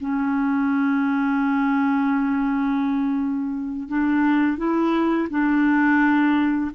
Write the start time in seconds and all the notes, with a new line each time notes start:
0.00 C#4
3.88 D4
4.57 E4
5.30 D4